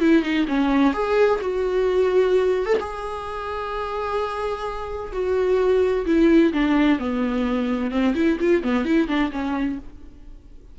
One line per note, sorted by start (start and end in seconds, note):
0.00 0.22 E4
0.22 0.46 D#4
0.47 0.93 C#4
0.93 1.40 G#4
1.41 2.66 F#4
2.66 2.77 A4
2.80 5.12 G#4
5.12 6.05 F#4
6.06 6.52 E4
6.53 6.99 D4
6.99 7.91 B3
7.91 8.14 C4
8.15 8.38 E4
8.40 8.63 F4
8.63 8.85 B3
8.85 9.08 E4
9.08 9.31 D4
9.32 9.78 C#4